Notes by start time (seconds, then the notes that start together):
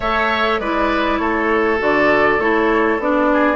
0.00 A3 A4 C#5 E5
0.59 G#3 E4 B4 D5
1.17 A3 A4 C#5
1.79 D3 F#4 D5
2.38 A3 E4 C#5
2.98 B3 D4 D5
3.33 G#4